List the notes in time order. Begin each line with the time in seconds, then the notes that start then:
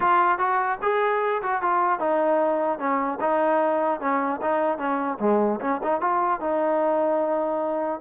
0.00 F4
0.38 F#4
0.81 G#4
1.42 F#4
1.62 F4
1.99 D#4
2.78 C#4
3.20 D#4
4.00 C#4
4.41 D#4
4.78 C#4
5.20 G#3
5.60 C#4
5.83 D#4
6.00 F4
6.40 D#4